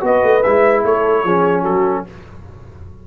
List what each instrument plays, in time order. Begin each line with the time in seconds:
0.00 tuba B3, trombone F#4, horn B4, trumpet D#5
0.23 tuba A3
0.43 tuba G#3, trombone E4, trumpet E5
0.84 tuba A3, horn A4, trumpet C#5
1.23 tuba F3, trombone C#4, horn G#4
1.62 tuba F#3, horn F#4, trumpet A4